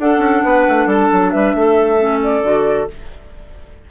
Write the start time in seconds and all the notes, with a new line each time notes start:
0.00 D4 A4 F#5
0.19 C#4
0.44 B3 B4
0.68 A3
0.87 G3 A4 A5
1.13 F#3
1.31 G3 B4 E5
1.55 A3 A4
1.99 C#4
2.24 D5
2.43 D3 F#4